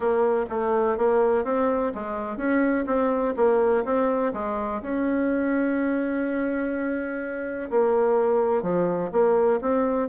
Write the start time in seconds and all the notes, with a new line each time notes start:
0.00 A#3
0.49 A3
0.97 A#3
1.44 C4
1.94 G#3
2.37 C#4
2.86 C4
3.36 A#3
3.84 C4
4.33 G#3
4.82 C#4
7.70 A#3
8.62 F3
9.12 A#3
9.61 C4